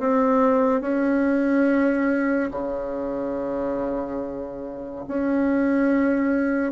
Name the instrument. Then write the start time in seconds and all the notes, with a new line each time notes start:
bassoon
0.00 C4
0.81 C#4
2.51 C#3
5.08 C#4